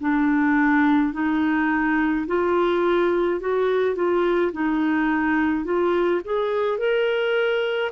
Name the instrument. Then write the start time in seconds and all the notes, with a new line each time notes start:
clarinet
0.00 D4
1.13 D#4
2.26 F4
3.40 F#4
3.95 F4
4.52 D#4
5.64 F4
6.24 G#4
6.78 A#4